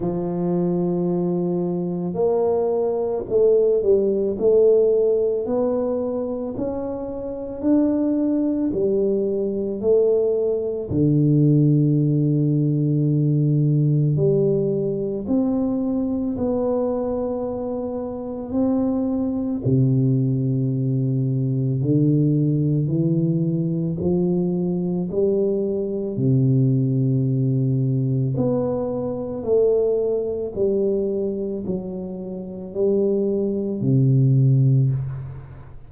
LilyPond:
\new Staff \with { instrumentName = "tuba" } { \time 4/4 \tempo 4 = 55 f2 ais4 a8 g8 | a4 b4 cis'4 d'4 | g4 a4 d2~ | d4 g4 c'4 b4~ |
b4 c'4 c2 | d4 e4 f4 g4 | c2 b4 a4 | g4 fis4 g4 c4 | }